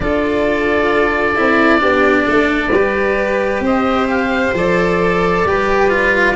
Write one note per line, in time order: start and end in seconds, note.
0.00 1.35 D4
0.00 1.35 F4
0.00 1.80 A4
0.00 3.62 D5
1.35 1.80 C4
1.35 1.78 E4
1.78 2.26 B3
1.78 2.69 D4
1.78 2.25 G4
2.26 2.71 A3
2.26 2.71 A4
2.71 3.60 G3
2.71 4.55 G4
2.71 3.64 B4
3.60 4.51 C4
3.60 5.45 C5
3.60 4.08 D#5
4.08 4.53 F5
4.53 5.44 F3
4.53 5.46 A4
4.53 6.36 D5
5.45 6.35 G3
5.45 5.89 G4
5.45 6.36 B4
5.89 6.35 F4